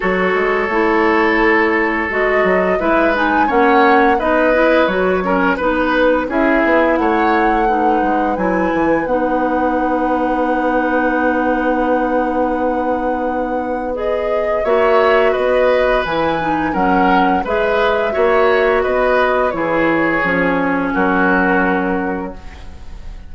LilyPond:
<<
  \new Staff \with { instrumentName = "flute" } { \time 4/4 \tempo 4 = 86 cis''2. dis''4 | e''8 gis''8 fis''4 dis''4 cis''4 | b'4 e''4 fis''2 | gis''4 fis''2.~ |
fis''1 | dis''4 e''4 dis''4 gis''4 | fis''4 e''2 dis''4 | cis''2 ais'2 | }
  \new Staff \with { instrumentName = "oboe" } { \time 4/4 a'1 | b'4 cis''4 b'4. ais'8 | b'4 gis'4 cis''4 b'4~ | b'1~ |
b'1~ | b'4 cis''4 b'2 | ais'4 b'4 cis''4 b'4 | gis'2 fis'2 | }
  \new Staff \with { instrumentName = "clarinet" } { \time 4/4 fis'4 e'2 fis'4 | e'8 dis'8 cis'4 dis'8 e'8 fis'8 cis'8 | dis'4 e'2 dis'4 | e'4 dis'2.~ |
dis'1 | gis'4 fis'2 e'8 dis'8 | cis'4 gis'4 fis'2 | e'4 cis'2. | }
  \new Staff \with { instrumentName = "bassoon" } { \time 4/4 fis8 gis8 a2 gis8 fis8 | gis4 ais4 b4 fis4 | b4 cis'8 b8 a4. gis8 | fis8 e8 b2.~ |
b1~ | b4 ais4 b4 e4 | fis4 gis4 ais4 b4 | e4 f4 fis2 | }
>>